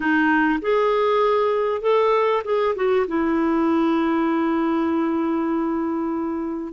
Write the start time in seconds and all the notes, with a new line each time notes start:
0.00 D#4
0.61 G#4
1.81 A4
2.44 G#4
2.75 F#4
3.07 E4